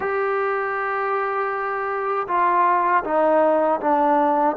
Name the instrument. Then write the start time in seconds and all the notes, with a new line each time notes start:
trombone
0.00 G4
2.28 F4
3.04 D#4
3.80 D4